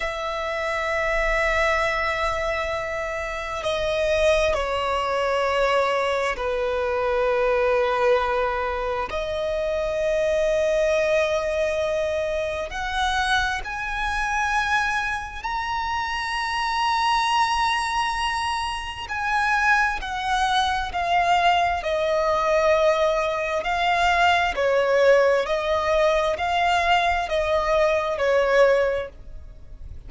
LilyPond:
\new Staff \with { instrumentName = "violin" } { \time 4/4 \tempo 4 = 66 e''1 | dis''4 cis''2 b'4~ | b'2 dis''2~ | dis''2 fis''4 gis''4~ |
gis''4 ais''2.~ | ais''4 gis''4 fis''4 f''4 | dis''2 f''4 cis''4 | dis''4 f''4 dis''4 cis''4 | }